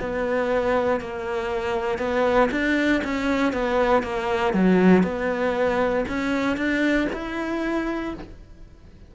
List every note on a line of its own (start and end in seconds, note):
0.00 1.00 B3
1.00 1.99 A#3
1.99 2.50 B3
2.51 3.02 D4
3.04 3.53 C#4
3.53 4.03 B3
4.03 4.54 A#3
4.54 5.03 F#3
5.03 6.05 B3
6.08 6.57 C#4
6.57 7.08 D4
7.13 8.14 E4